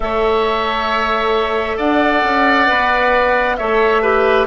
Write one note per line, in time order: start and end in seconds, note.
0.00 1.78 A3
0.00 2.66 A4
0.00 1.77 C#5
0.00 1.79 E5
1.77 2.23 D4
1.77 3.56 D5
1.77 3.56 F#5
2.23 2.68 C#4
2.66 3.59 B3
2.66 3.56 B4
3.56 4.47 A3
3.56 4.02 A4
3.56 4.02 C#5
3.56 4.46 E5
4.02 4.47 G4
4.02 4.46 B4